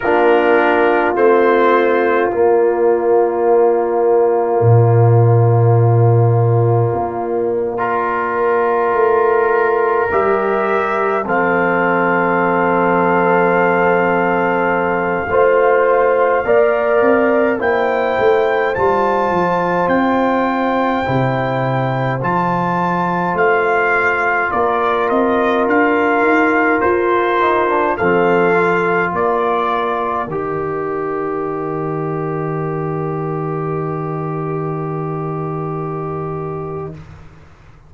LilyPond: <<
  \new Staff \with { instrumentName = "trumpet" } { \time 4/4 \tempo 4 = 52 ais'4 c''4 d''2~ | d''1~ | d''8. e''4 f''2~ f''16~ | f''2.~ f''16 g''8.~ |
g''16 a''4 g''2 a''8.~ | a''16 f''4 d''8 dis''8 f''4 c''8.~ | c''16 f''4 d''4 dis''4.~ dis''16~ | dis''1 | }
  \new Staff \with { instrumentName = "horn" } { \time 4/4 f'1~ | f'2~ f'8. ais'4~ ais'16~ | ais'4.~ ais'16 a'2~ a'16~ | a'4~ a'16 c''4 d''4 c''8.~ |
c''1~ | c''4~ c''16 ais'2~ ais'8.~ | ais'16 a'4 ais'2~ ais'8.~ | ais'1 | }
  \new Staff \with { instrumentName = "trombone" } { \time 4/4 d'4 c'4 ais2~ | ais2~ ais8. f'4~ f'16~ | f'8. g'4 c'2~ c'16~ | c'4~ c'16 f'4 ais'4 e'8.~ |
e'16 f'2 e'4 f'8.~ | f'2.~ f'8. dis'16 | d'16 c'8 f'4. g'4.~ g'16~ | g'1 | }
  \new Staff \with { instrumentName = "tuba" } { \time 4/4 ais4 a4 ais2 | ais,2 ais4.~ ais16 a16~ | a8. g4 f2~ f16~ | f4~ f16 a4 ais8 c'8 ais8 a16~ |
a16 g8 f8 c'4 c4 f8.~ | f16 a4 ais8 c'8 d'8 dis'8 f'8.~ | f'16 f4 ais4 dis4.~ dis16~ | dis1 | }
>>